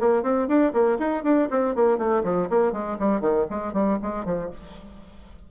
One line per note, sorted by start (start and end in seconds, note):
0.00 0.23 A#3
0.23 0.48 C4
0.48 0.73 D4
0.73 0.98 A#3
0.99 1.24 D#4
1.24 1.49 D4
1.51 1.75 C4
1.75 1.98 A#3
1.98 2.23 A3
2.24 2.49 F3
2.50 2.73 A#3
2.73 2.97 G#3
2.99 3.21 G3
3.21 3.46 D#3
3.50 3.73 G#3
3.73 3.98 G3
4.02 4.25 G#3
4.25 4.50 F3